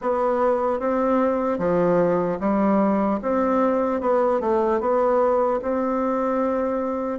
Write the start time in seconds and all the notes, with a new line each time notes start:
0.01 B3
0.79 C4
1.58 F3
2.40 G3
3.21 C4
4.00 B3
4.40 A3
4.80 B3
5.61 C4